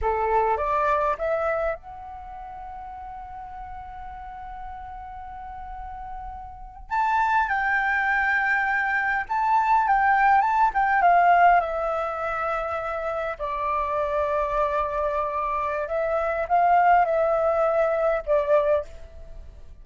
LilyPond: \new Staff \with { instrumentName = "flute" } { \time 4/4 \tempo 4 = 102 a'4 d''4 e''4 fis''4~ | fis''1~ | fis''2.~ fis''8. a''16~ | a''8. g''2. a''16~ |
a''8. g''4 a''8 g''8 f''4 e''16~ | e''2~ e''8. d''4~ d''16~ | d''2. e''4 | f''4 e''2 d''4 | }